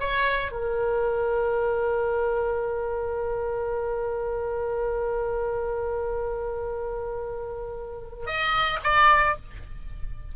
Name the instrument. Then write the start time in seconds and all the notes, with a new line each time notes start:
oboe
0.00 C#5
0.52 A#4
8.26 D#5
8.83 D5